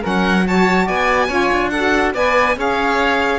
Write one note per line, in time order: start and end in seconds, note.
0.00 0.88 F#3
0.00 0.42 C#4
0.00 0.44 A#4
0.00 0.47 F#5
0.45 1.29 F#4
0.45 0.86 C#5
0.45 0.87 A5
0.86 1.29 B3
0.86 1.27 D5
0.86 1.69 G#5
1.27 1.50 C#4
1.27 1.71 F4
1.27 1.70 C#5
1.52 2.14 D4
1.69 2.14 F#4
1.69 2.13 A4
1.69 2.12 F#5
2.13 2.56 B3
2.13 2.55 B4
2.13 2.56 D5
2.13 2.57 G#5
2.55 3.38 C#4
2.55 3.38 G#4
2.55 3.38 C#5
2.55 3.38 F5